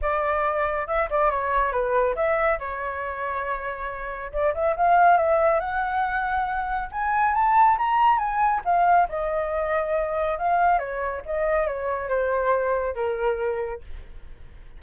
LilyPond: \new Staff \with { instrumentName = "flute" } { \time 4/4 \tempo 4 = 139 d''2 e''8 d''8 cis''4 | b'4 e''4 cis''2~ | cis''2 d''8 e''8 f''4 | e''4 fis''2. |
gis''4 a''4 ais''4 gis''4 | f''4 dis''2. | f''4 cis''4 dis''4 cis''4 | c''2 ais'2 | }